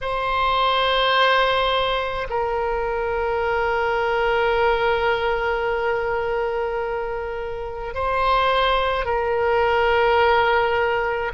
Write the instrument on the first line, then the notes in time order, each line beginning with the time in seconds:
oboe
0.01 C5
2.30 A#4
7.94 C5
9.05 A#4